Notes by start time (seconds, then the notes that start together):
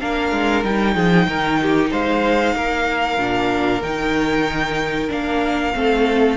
0.00 A#3 D4 A#4 F5
0.32 G#3
0.64 G3 D#4 G5
0.95 F3 G#4
1.27 D#3 A#4
1.62 G4
1.91 G#3 C5 F5
2.55 A#3 A#4
3.18 A#2 D4
3.82 D#3 D#4 G5
5.09 A#3 D4 F5
5.75 A3 C4 A4